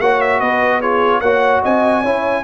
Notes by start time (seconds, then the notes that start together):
0.00 A#3 F#4 C#5 F#5
0.21 E5
0.40 B3 B4 D#5
0.80 F4 G#4 C#5
1.21 A#3 F#4 C#5 F#5
1.62 C4 D#5 G#5
2.02 C#4 E4 C#5